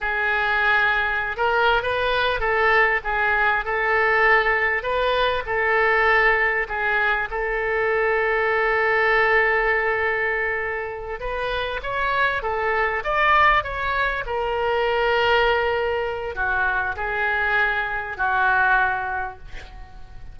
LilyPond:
\new Staff \with { instrumentName = "oboe" } { \time 4/4 \tempo 4 = 99 gis'2~ gis'16 ais'8. b'4 | a'4 gis'4 a'2 | b'4 a'2 gis'4 | a'1~ |
a'2~ a'8 b'4 cis''8~ | cis''8 a'4 d''4 cis''4 ais'8~ | ais'2. fis'4 | gis'2 fis'2 | }